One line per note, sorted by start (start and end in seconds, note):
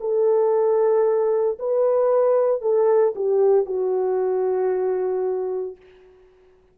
0.00 1.58 A4
1.59 2.61 B4
2.61 3.14 A4
3.15 3.66 G4
3.66 5.76 F#4